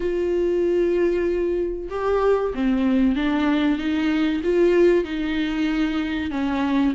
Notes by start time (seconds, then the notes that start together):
0.00 F4
1.90 G4
2.54 C4
3.15 D4
3.78 D#4
4.43 F4
5.04 D#4
6.30 C#4